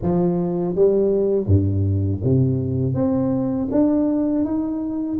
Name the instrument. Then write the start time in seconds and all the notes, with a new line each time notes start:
tuba
0.02 F3
0.75 G3
1.46 G2
2.23 C3
2.94 C4
3.71 D4
4.44 D#4